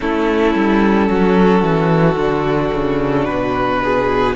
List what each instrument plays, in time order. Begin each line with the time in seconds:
0.00 cello A3, viola C#4, violin E4 A4
0.54 cello G3
1.09 cello F#3, violin F#4
1.62 cello E3
2.16 cello D3, viola D4
2.73 cello C#3
3.25 cello B2, violin B4
3.83 violin G#4